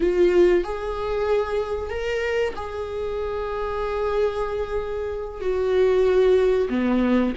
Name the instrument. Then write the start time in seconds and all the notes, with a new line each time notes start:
viola
0.00 F4
0.64 G#4
1.89 A#4
2.55 G#4
5.40 F#4
6.69 B3